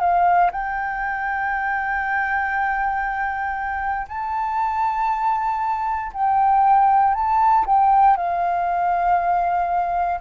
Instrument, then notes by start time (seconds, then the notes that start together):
flute
0.00 F5
0.51 G5
4.08 A5
6.13 G5
7.15 A5
7.66 G5
8.17 F5